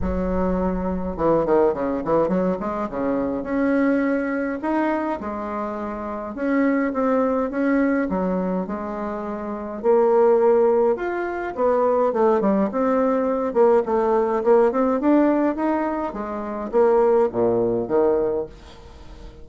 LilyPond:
\new Staff \with { instrumentName = "bassoon" } { \time 4/4 \tempo 4 = 104 fis2 e8 dis8 cis8 e8 | fis8 gis8 cis4 cis'2 | dis'4 gis2 cis'4 | c'4 cis'4 fis4 gis4~ |
gis4 ais2 f'4 | b4 a8 g8 c'4. ais8 | a4 ais8 c'8 d'4 dis'4 | gis4 ais4 ais,4 dis4 | }